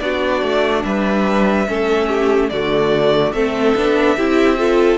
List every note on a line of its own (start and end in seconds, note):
0.00 0.43 B3
0.00 1.67 D4
0.00 0.86 F#4
0.00 0.83 D5
0.43 0.84 A3
0.84 1.68 G3
0.84 1.69 B4
0.84 2.50 E5
1.68 2.52 A3
1.68 2.52 C#4
1.68 2.09 A4
2.09 2.50 G4
2.50 3.33 D3
2.50 3.34 A3
2.50 3.35 F#4
2.50 3.33 D5
3.33 3.75 A3
3.33 3.76 C4
3.33 4.17 A4
3.33 4.98 E5
3.76 4.17 B3
3.76 4.18 D4
4.17 4.98 C4
4.17 4.58 E4
4.17 4.59 G4
4.58 4.98 F4
4.58 4.98 A4